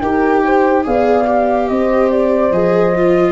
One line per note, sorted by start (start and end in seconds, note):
0.00 0.85 D#4
0.00 0.84 G4
0.00 0.44 A#4
0.00 0.83 G5
0.44 0.86 C5
0.84 1.70 B3
0.84 1.26 G#4
0.84 1.70 D5
0.84 1.68 F5
1.27 2.52 G4
1.68 2.51 C4
1.68 3.32 C5
1.68 2.10 D#5
2.11 2.52 D5
2.51 3.32 F3
2.51 2.94 G#4
2.51 3.32 D#5
2.95 3.32 F4